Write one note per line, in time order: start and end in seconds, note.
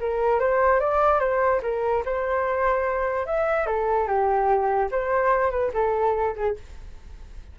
0.00 0.39 A#4
0.39 0.80 C5
0.80 1.20 D5
1.20 1.61 C5
1.62 2.03 A#4
2.05 3.26 C5
3.26 3.67 E5
3.67 4.07 A4
4.07 4.90 G4
4.91 5.51 C5
5.51 5.71 B4
5.74 6.35 A4
6.36 6.57 G#4